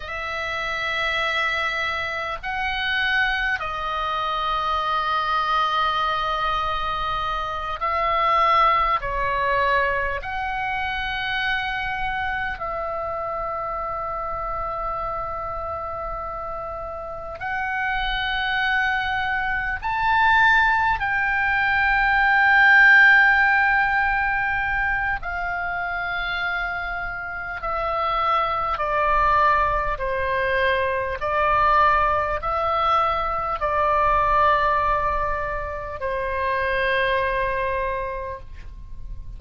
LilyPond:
\new Staff \with { instrumentName = "oboe" } { \time 4/4 \tempo 4 = 50 e''2 fis''4 dis''4~ | dis''2~ dis''8 e''4 cis''8~ | cis''8 fis''2 e''4.~ | e''2~ e''8 fis''4.~ |
fis''8 a''4 g''2~ g''8~ | g''4 f''2 e''4 | d''4 c''4 d''4 e''4 | d''2 c''2 | }